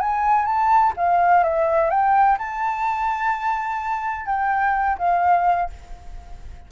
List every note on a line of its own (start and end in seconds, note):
0.00 0.45 G#5
0.45 0.93 A5
0.96 1.43 F5
1.43 1.90 E5
1.90 2.38 G5
2.38 4.26 A5
4.26 4.97 G5
4.98 5.69 F5